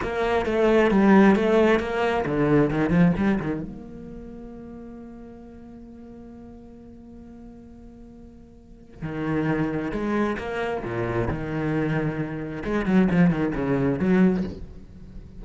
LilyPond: \new Staff \with { instrumentName = "cello" } { \time 4/4 \tempo 4 = 133 ais4 a4 g4 a4 | ais4 d4 dis8 f8 g8 dis8 | ais1~ | ais1~ |
ais1 | dis2 gis4 ais4 | ais,4 dis2. | gis8 fis8 f8 dis8 cis4 fis4 | }